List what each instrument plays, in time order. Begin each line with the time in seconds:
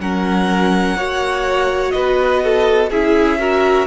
0.00 cello F#3, viola C#4, violin A#4 F#5
0.96 cello A#3, viola F#4, violin C#5
1.91 cello B3, violin B4 D#5
2.44 violin A4
2.91 cello C#4, viola E4, violin G#4 E5
3.40 viola F#4, violin A#4